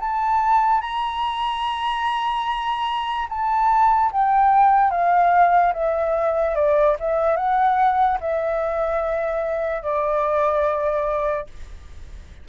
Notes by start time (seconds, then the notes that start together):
0.00 A5
0.81 A#5
3.30 A5
4.12 G5
4.91 F5
5.73 E5
6.55 D5
7.00 E5
7.36 F#5
8.21 E5
9.83 D5